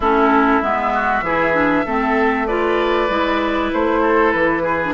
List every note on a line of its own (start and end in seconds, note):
0.00 0.59 A3
0.00 0.62 C#4
0.00 0.93 E4
0.00 0.62 A4
0.62 1.21 G#3
0.62 1.24 B3
0.62 2.46 E5
0.94 1.24 F#4
1.21 1.83 E3
1.21 1.53 E4
1.21 1.85 G#4
1.53 1.84 D4
1.85 3.09 A3
1.85 2.48 C4
1.85 2.47 A4
2.46 3.09 F4
2.46 4.01 B4
2.46 3.70 D5
3.09 3.71 G#3
3.09 4.80 E4
3.73 4.34 A3
3.73 4.31 C5
4.01 4.62 A4
4.31 4.94 E3
4.31 4.93 B4
4.62 4.93 G#4
4.84 4.94 D4